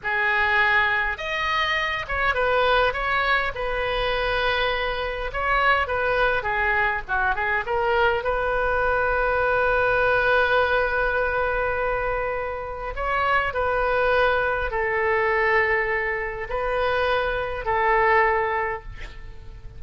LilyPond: \new Staff \with { instrumentName = "oboe" } { \time 4/4 \tempo 4 = 102 gis'2 dis''4. cis''8 | b'4 cis''4 b'2~ | b'4 cis''4 b'4 gis'4 | fis'8 gis'8 ais'4 b'2~ |
b'1~ | b'2 cis''4 b'4~ | b'4 a'2. | b'2 a'2 | }